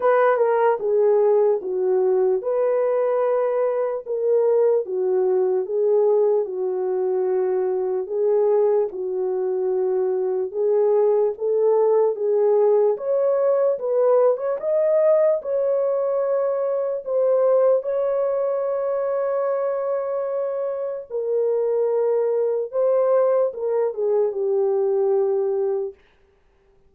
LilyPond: \new Staff \with { instrumentName = "horn" } { \time 4/4 \tempo 4 = 74 b'8 ais'8 gis'4 fis'4 b'4~ | b'4 ais'4 fis'4 gis'4 | fis'2 gis'4 fis'4~ | fis'4 gis'4 a'4 gis'4 |
cis''4 b'8. cis''16 dis''4 cis''4~ | cis''4 c''4 cis''2~ | cis''2 ais'2 | c''4 ais'8 gis'8 g'2 | }